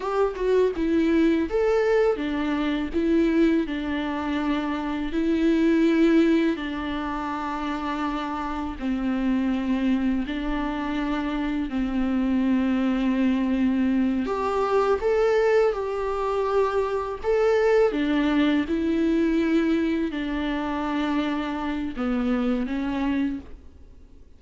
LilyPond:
\new Staff \with { instrumentName = "viola" } { \time 4/4 \tempo 4 = 82 g'8 fis'8 e'4 a'4 d'4 | e'4 d'2 e'4~ | e'4 d'2. | c'2 d'2 |
c'2.~ c'8 g'8~ | g'8 a'4 g'2 a'8~ | a'8 d'4 e'2 d'8~ | d'2 b4 cis'4 | }